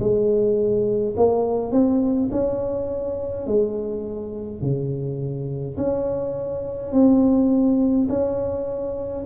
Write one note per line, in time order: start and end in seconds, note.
0.00 1.15 G#3
1.16 1.72 A#3
1.72 2.30 C4
2.31 3.47 C#4
3.47 4.62 G#3
4.62 5.77 C#3
5.77 6.92 C#4
6.92 8.08 C4
8.09 9.24 C#4